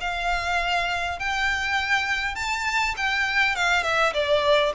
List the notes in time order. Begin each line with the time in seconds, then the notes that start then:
0.00 F5
1.19 G5
2.35 A5
2.97 G5
3.56 F5
3.83 E5
4.13 D5